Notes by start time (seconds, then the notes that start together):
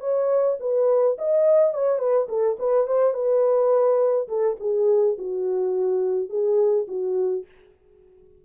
0.00 C#5
0.60 B4
1.18 D#5
1.74 C#5
1.98 B4
2.28 A4
2.59 B4
2.87 C5
3.14 B4
4.28 A4
4.60 G#4
5.18 F#4
6.30 G#4
6.88 F#4